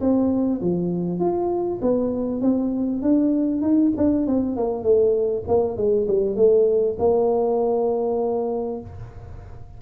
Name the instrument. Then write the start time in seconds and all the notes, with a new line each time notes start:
tuba
0.00 C4
0.61 F3
1.19 F4
1.81 B3
2.41 C4
3.02 D4
3.61 D#4
3.96 D4
4.27 C4
4.56 A#3
4.83 A3
5.47 A#3
5.77 G#3
6.07 G3
6.36 A3
6.98 A#3